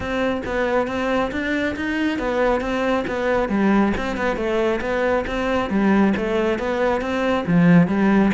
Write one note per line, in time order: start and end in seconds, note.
0.00 0.42 C4
0.45 0.87 B3
0.87 1.31 C4
1.31 1.75 D4
1.76 2.19 D#4
2.19 2.61 B3
2.61 3.04 C4
3.07 3.49 B3
3.49 3.92 G3
3.97 4.16 C4
4.16 4.36 B3
4.36 4.80 A3
4.81 5.24 B3
5.26 5.69 C4
5.69 6.13 G3
6.17 6.58 A3
6.58 7.01 B3
7.01 7.45 C4
7.46 7.87 F3
7.87 8.31 G3